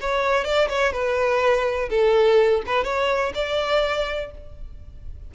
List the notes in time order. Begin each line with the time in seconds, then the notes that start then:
0.00 C#5
0.44 D5
0.68 C#5
0.92 B4
1.89 A4
2.66 B4
2.84 C#5
3.34 D5